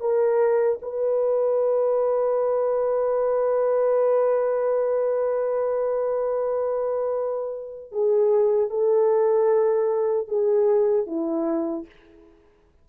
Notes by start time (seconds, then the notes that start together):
0.00 A#4
0.82 B4
7.92 G#4
8.70 A4
10.28 G#4
11.07 E4